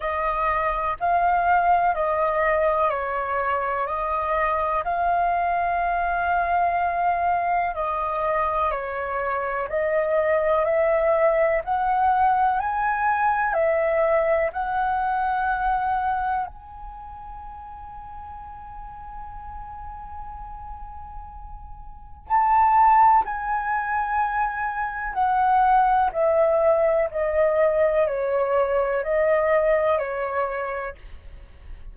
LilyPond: \new Staff \with { instrumentName = "flute" } { \time 4/4 \tempo 4 = 62 dis''4 f''4 dis''4 cis''4 | dis''4 f''2. | dis''4 cis''4 dis''4 e''4 | fis''4 gis''4 e''4 fis''4~ |
fis''4 gis''2.~ | gis''2. a''4 | gis''2 fis''4 e''4 | dis''4 cis''4 dis''4 cis''4 | }